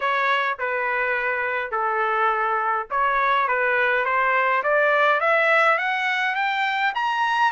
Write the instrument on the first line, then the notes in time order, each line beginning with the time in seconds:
trumpet
0.00 C#5
0.58 B4
1.71 A4
2.90 C#5
3.47 B4
4.05 C5
4.63 D5
5.20 E5
5.78 F#5
6.35 G5
6.95 A#5